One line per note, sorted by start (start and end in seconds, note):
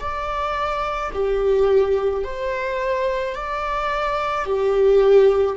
0.00 1.11 D5
1.13 2.24 G4
2.24 3.35 C5
3.35 4.45 D5
4.45 5.56 G4